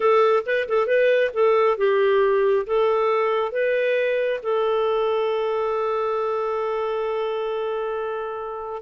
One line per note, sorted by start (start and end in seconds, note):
0.00 0.43 A4
0.46 0.68 B4
0.68 0.86 A4
0.86 1.31 B4
1.33 1.77 A4
1.77 2.66 G4
2.66 3.52 A4
3.52 4.40 B4
4.42 8.82 A4